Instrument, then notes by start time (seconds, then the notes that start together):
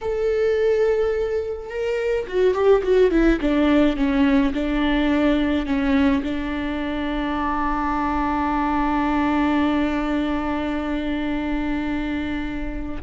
viola
0.01 A4
1.69 A#4
2.27 F#4
2.53 G4
2.83 F#4
3.10 E4
3.40 D4
3.96 C#4
4.53 D4
5.66 C#4
6.23 D4